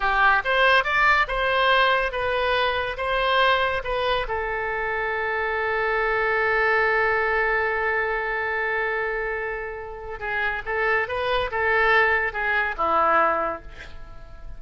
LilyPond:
\new Staff \with { instrumentName = "oboe" } { \time 4/4 \tempo 4 = 141 g'4 c''4 d''4 c''4~ | c''4 b'2 c''4~ | c''4 b'4 a'2~ | a'1~ |
a'1~ | a'1 | gis'4 a'4 b'4 a'4~ | a'4 gis'4 e'2 | }